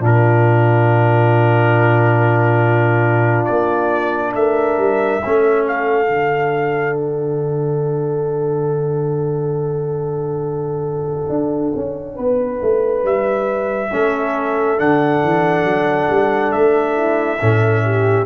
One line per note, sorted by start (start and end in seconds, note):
0.00 3.48 A#2
0.00 5.22 D4
0.00 4.37 F4
0.00 3.45 A#4
3.45 4.35 A#3
3.45 4.32 D5
4.35 4.78 A3
4.35 5.24 A#4
4.35 5.66 E5
4.78 5.21 G3
5.24 6.09 A3
5.24 6.06 C#4
5.24 12.16 A4
5.68 6.98 F5
6.06 11.30 D3
6.06 13.88 D4
6.98 13.06 F#5
11.30 11.73 D4
11.76 12.18 C#4
12.16 12.62 B3
12.16 13.89 B4
12.62 13.04 A3
13.04 13.91 G3
13.04 14.80 E5
13.92 14.80 A3
13.92 14.78 C#4
13.92 16.97 A4
14.78 15.24 D3
14.78 17.39 D4
14.78 16.52 F#5
15.24 15.64 E3
15.64 16.08 F#3
16.10 16.54 G3
16.52 17.41 A3
16.52 18.26 E5
16.97 17.40 E4
17.40 18.26 A2
17.40 18.26 C#4
17.40 17.84 A4
17.85 18.26 G4